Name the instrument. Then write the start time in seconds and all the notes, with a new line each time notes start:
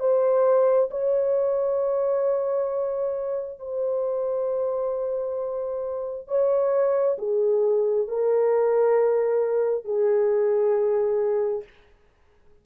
horn
0.00 C5
0.91 C#5
3.59 C5
6.28 C#5
7.18 G#4
8.08 A#4
9.85 G#4